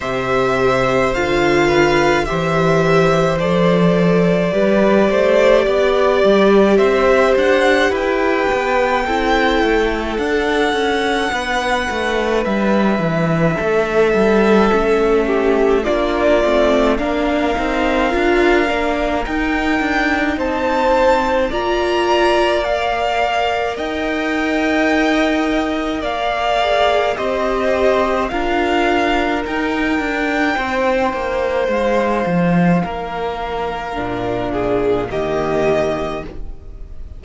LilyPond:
<<
  \new Staff \with { instrumentName = "violin" } { \time 4/4 \tempo 4 = 53 e''4 f''4 e''4 d''4~ | d''2 e''8 fis''8 g''4~ | g''4 fis''2 e''4~ | e''2 d''4 f''4~ |
f''4 g''4 a''4 ais''4 | f''4 g''2 f''4 | dis''4 f''4 g''2 | f''2. dis''4 | }
  \new Staff \with { instrumentName = "violin" } { \time 4/4 c''4. b'8 c''2 | b'8 c''8 d''4 c''4 b'4 | a'2 b'2 | a'4. g'8 f'4 ais'4~ |
ais'2 c''4 d''4~ | d''4 dis''2 d''4 | c''4 ais'2 c''4~ | c''4 ais'4. gis'8 g'4 | }
  \new Staff \with { instrumentName = "viola" } { \time 4/4 g'4 f'4 g'4 a'4 | g'1 | e'4 d'2.~ | d'4 cis'4 d'8 c'8 d'8 dis'8 |
f'8 d'8 dis'2 f'4 | ais'2.~ ais'8 gis'8 | g'4 f'4 dis'2~ | dis'2 d'4 ais4 | }
  \new Staff \with { instrumentName = "cello" } { \time 4/4 c4 d4 e4 f4 | g8 a8 b8 g8 c'8 d'8 e'8 b8 | c'8 a8 d'8 cis'8 b8 a8 g8 e8 | a8 g8 a4 ais8 a8 ais8 c'8 |
d'8 ais8 dis'8 d'8 c'4 ais4~ | ais4 dis'2 ais4 | c'4 d'4 dis'8 d'8 c'8 ais8 | gis8 f8 ais4 ais,4 dis4 | }
>>